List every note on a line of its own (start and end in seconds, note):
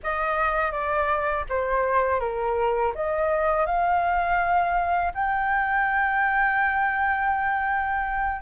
0.03 0.72 D#5
0.72 1.45 D5
1.49 2.20 C5
2.20 2.93 A#4
2.95 3.66 D#5
3.66 5.12 F5
5.14 8.41 G5